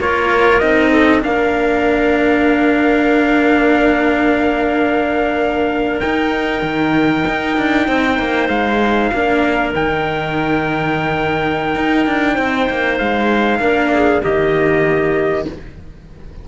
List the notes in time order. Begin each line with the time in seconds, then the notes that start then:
0.00 A#3 F4 A#4 C#5
0.59 C4 D#4 D#5
0.91 A4
1.22 A#3 D4 A#4 F5
6.01 D#4 G5
6.63 D#3
7.28 D#4
7.58 D4
7.88 C4 C5
8.19 A#3
8.49 G#3 F5
9.14 A#3 D4 A#4
9.74 D#3 D#4 G5
11.76 D#4
12.07 D4
12.35 C4 C5
12.71 A#3
12.99 G#3 F5
13.60 A#3 D4 A#4
13.94 G#4
14.22 D#3 A#3 G4 D#5